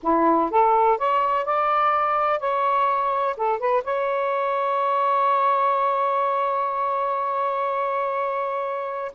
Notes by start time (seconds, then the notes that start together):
0.02 E4
0.50 A4
0.98 C#5
1.45 D5
2.39 C#5
3.36 A4
3.59 B4
3.84 C#5